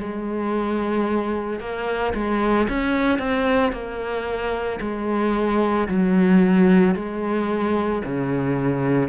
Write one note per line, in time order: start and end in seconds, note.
0.00 1.60 G#3
1.60 2.14 A#3
2.15 2.68 G#3
2.69 3.19 C#4
3.19 3.73 C4
3.73 4.80 A#3
4.81 5.88 G#3
5.89 6.95 F#3
6.95 8.03 G#3
8.05 9.10 C#3